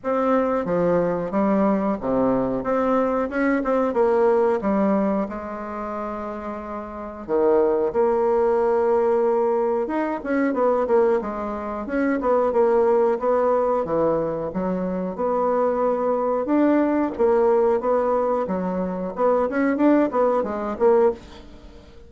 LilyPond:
\new Staff \with { instrumentName = "bassoon" } { \time 4/4 \tempo 4 = 91 c'4 f4 g4 c4 | c'4 cis'8 c'8 ais4 g4 | gis2. dis4 | ais2. dis'8 cis'8 |
b8 ais8 gis4 cis'8 b8 ais4 | b4 e4 fis4 b4~ | b4 d'4 ais4 b4 | fis4 b8 cis'8 d'8 b8 gis8 ais8 | }